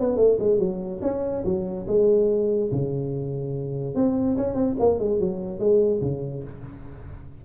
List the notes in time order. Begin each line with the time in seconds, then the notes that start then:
0.00 B3
0.17 A3
0.39 G#3
0.59 F#3
1.02 C#4
1.45 F#3
1.87 G#3
2.72 C#3
3.95 C4
4.37 C#4
4.55 C4
4.80 A#3
4.99 G#3
5.20 F#3
5.59 G#3
6.02 C#3